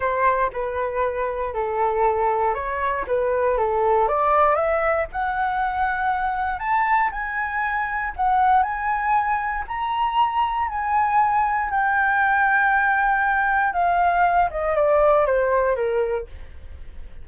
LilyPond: \new Staff \with { instrumentName = "flute" } { \time 4/4 \tempo 4 = 118 c''4 b'2 a'4~ | a'4 cis''4 b'4 a'4 | d''4 e''4 fis''2~ | fis''4 a''4 gis''2 |
fis''4 gis''2 ais''4~ | ais''4 gis''2 g''4~ | g''2. f''4~ | f''8 dis''8 d''4 c''4 ais'4 | }